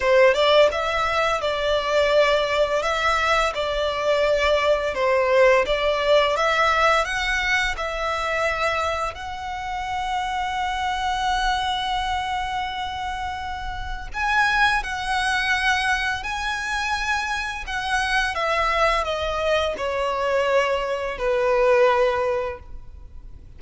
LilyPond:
\new Staff \with { instrumentName = "violin" } { \time 4/4 \tempo 4 = 85 c''8 d''8 e''4 d''2 | e''4 d''2 c''4 | d''4 e''4 fis''4 e''4~ | e''4 fis''2.~ |
fis''1 | gis''4 fis''2 gis''4~ | gis''4 fis''4 e''4 dis''4 | cis''2 b'2 | }